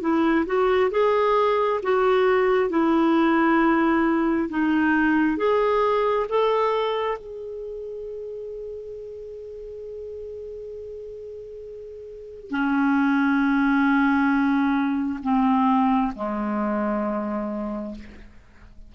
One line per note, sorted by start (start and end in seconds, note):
0.00 0.45 E4
0.46 0.90 F#4
0.91 1.80 G#4
1.82 2.69 F#4
2.69 4.49 E4
4.49 5.37 D#4
5.37 6.26 G#4
6.29 7.18 A4
7.18 12.50 G#4
12.50 15.19 C#4
15.22 16.12 C4
16.16 17.95 G#3